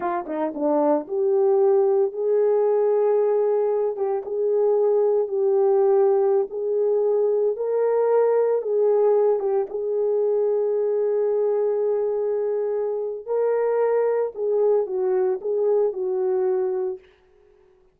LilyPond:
\new Staff \with { instrumentName = "horn" } { \time 4/4 \tempo 4 = 113 f'8 dis'8 d'4 g'2 | gis'2.~ gis'8 g'8 | gis'2 g'2~ | g'16 gis'2 ais'4.~ ais'16~ |
ais'16 gis'4. g'8 gis'4.~ gis'16~ | gis'1~ | gis'4 ais'2 gis'4 | fis'4 gis'4 fis'2 | }